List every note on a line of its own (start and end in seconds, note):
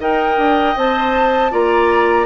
0.00 0.37 D#4
0.00 0.76 A#4
0.00 1.52 D#5
0.00 0.78 G5
0.37 0.75 D4
0.76 1.52 C4
0.76 1.52 C5
0.76 1.53 A5
1.52 2.26 A#3
1.52 2.26 F4
1.52 2.26 D5
1.52 2.26 A#5